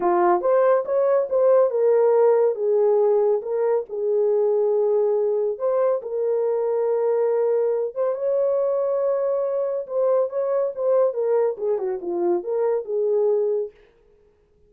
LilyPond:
\new Staff \with { instrumentName = "horn" } { \time 4/4 \tempo 4 = 140 f'4 c''4 cis''4 c''4 | ais'2 gis'2 | ais'4 gis'2.~ | gis'4 c''4 ais'2~ |
ais'2~ ais'8 c''8 cis''4~ | cis''2. c''4 | cis''4 c''4 ais'4 gis'8 fis'8 | f'4 ais'4 gis'2 | }